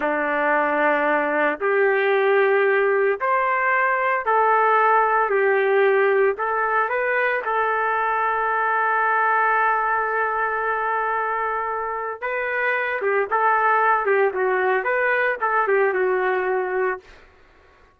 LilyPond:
\new Staff \with { instrumentName = "trumpet" } { \time 4/4 \tempo 4 = 113 d'2. g'4~ | g'2 c''2 | a'2 g'2 | a'4 b'4 a'2~ |
a'1~ | a'2. b'4~ | b'8 g'8 a'4. g'8 fis'4 | b'4 a'8 g'8 fis'2 | }